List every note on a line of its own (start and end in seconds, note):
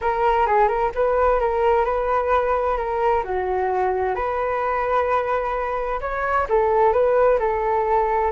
0.01 0.46 A#4
0.46 0.68 G#4
0.68 0.91 A#4
0.95 1.40 B4
1.40 1.84 A#4
1.84 2.77 B4
2.77 3.23 A#4
3.24 4.15 F#4
4.15 5.99 B4
6.01 6.47 C#5
6.49 6.92 A4
6.92 7.38 B4
7.39 8.31 A4